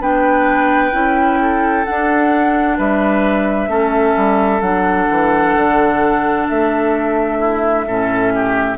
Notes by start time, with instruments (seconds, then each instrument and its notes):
0.00 bassoon B3, clarinet D4, oboe B4, flute G5
0.92 bassoon C#4, clarinet E4
1.42 oboe A4
1.85 clarinet D4, bassoon D4, flute F#5
2.78 bassoon G3, oboe B4, flute E5
3.68 bassoon A3, clarinet C#4, oboe A4
4.16 bassoon G3
4.61 bassoon F#3, clarinet D4, flute F#5
5.10 bassoon E3
5.56 bassoon D3
6.49 bassoon A3, flute E5
7.39 oboe E4
7.87 bassoon A2, clarinet C#4, oboe A4
8.35 oboe G4